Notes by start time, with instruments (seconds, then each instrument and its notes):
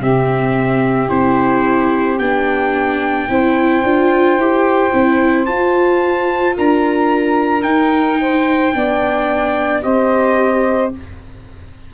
0.00 tuba C3, viola C4, saxophone G4, trumpet E5
1.08 tuba C4, viola E4, trumpet C5
2.18 tuba B3, viola D4, trumpet G5
3.28 tuba C4, viola E4, saxophone C5
3.83 tuba D4, viola F4
4.37 tuba E4, viola G4
4.91 tuba C4, viola E4
5.45 viola F4, tuba F4, trumpet A5
6.56 tuba D4, saxophone A#4, trumpet A#5
7.61 viola D#4, tuba D#4, trumpet G5
8.20 saxophone C5
8.73 tuba B3, viola D4, saxophone D5
9.82 tuba C4, viola G4, saxophone C5, trumpet D#5